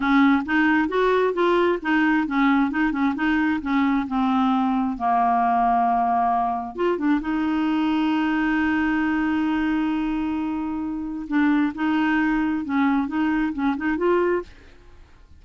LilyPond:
\new Staff \with { instrumentName = "clarinet" } { \time 4/4 \tempo 4 = 133 cis'4 dis'4 fis'4 f'4 | dis'4 cis'4 dis'8 cis'8 dis'4 | cis'4 c'2 ais4~ | ais2. f'8 d'8 |
dis'1~ | dis'1~ | dis'4 d'4 dis'2 | cis'4 dis'4 cis'8 dis'8 f'4 | }